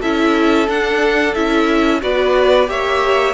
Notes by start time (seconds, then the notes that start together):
0.00 C#4 E4 A4 E5
0.67 D4 F#5
1.34 C#4 E4 E5
2.01 B3 F#4 B4 D5
2.66 A#3 G4 C#5 E5